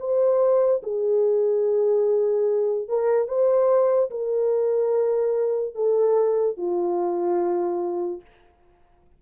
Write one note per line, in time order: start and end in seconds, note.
0.00 0.82 C5
0.83 2.89 G#4
2.89 3.28 A#4
3.28 4.10 C5
4.11 5.75 A#4
5.75 6.57 A4
6.57 8.22 F4